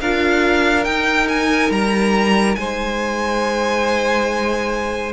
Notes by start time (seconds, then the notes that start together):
0.00 D4 F4 A#4 F5
0.84 D#4 G5
1.28 G#5
1.70 G3 A#5
2.55 G#3 C5 G#5